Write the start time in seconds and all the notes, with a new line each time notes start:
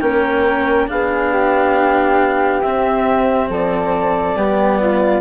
0.00 A#3 C#4 A#4 G5
0.87 B3 D4 G#4 F5
1.33 G4
2.61 C4 E5
3.49 F3 A4 D5
4.35 G3 B3 G4
4.80 F4